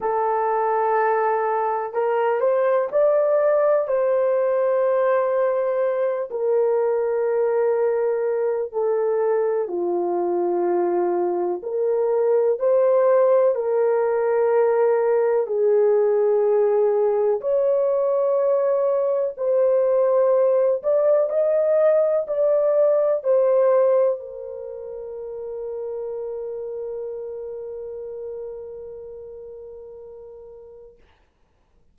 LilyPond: \new Staff \with { instrumentName = "horn" } { \time 4/4 \tempo 4 = 62 a'2 ais'8 c''8 d''4 | c''2~ c''8 ais'4.~ | ais'4 a'4 f'2 | ais'4 c''4 ais'2 |
gis'2 cis''2 | c''4. d''8 dis''4 d''4 | c''4 ais'2.~ | ais'1 | }